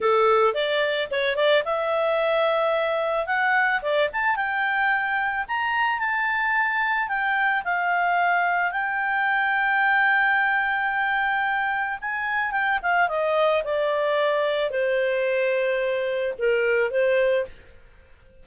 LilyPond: \new Staff \with { instrumentName = "clarinet" } { \time 4/4 \tempo 4 = 110 a'4 d''4 cis''8 d''8 e''4~ | e''2 fis''4 d''8 a''8 | g''2 ais''4 a''4~ | a''4 g''4 f''2 |
g''1~ | g''2 gis''4 g''8 f''8 | dis''4 d''2 c''4~ | c''2 ais'4 c''4 | }